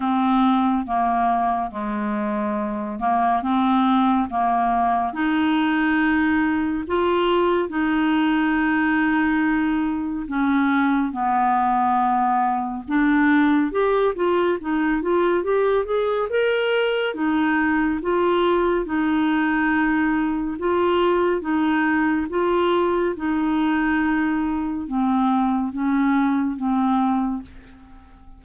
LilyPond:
\new Staff \with { instrumentName = "clarinet" } { \time 4/4 \tempo 4 = 70 c'4 ais4 gis4. ais8 | c'4 ais4 dis'2 | f'4 dis'2. | cis'4 b2 d'4 |
g'8 f'8 dis'8 f'8 g'8 gis'8 ais'4 | dis'4 f'4 dis'2 | f'4 dis'4 f'4 dis'4~ | dis'4 c'4 cis'4 c'4 | }